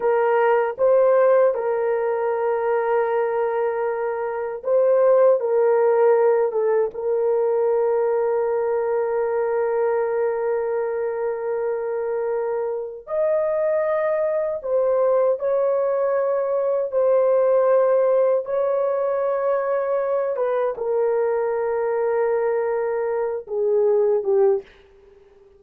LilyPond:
\new Staff \with { instrumentName = "horn" } { \time 4/4 \tempo 4 = 78 ais'4 c''4 ais'2~ | ais'2 c''4 ais'4~ | ais'8 a'8 ais'2.~ | ais'1~ |
ais'4 dis''2 c''4 | cis''2 c''2 | cis''2~ cis''8 b'8 ais'4~ | ais'2~ ais'8 gis'4 g'8 | }